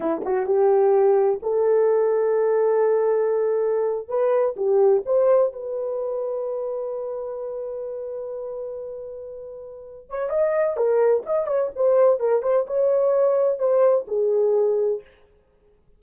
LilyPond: \new Staff \with { instrumentName = "horn" } { \time 4/4 \tempo 4 = 128 e'8 fis'8 g'2 a'4~ | a'1~ | a'8. b'4 g'4 c''4 b'16~ | b'1~ |
b'1~ | b'4. cis''8 dis''4 ais'4 | dis''8 cis''8 c''4 ais'8 c''8 cis''4~ | cis''4 c''4 gis'2 | }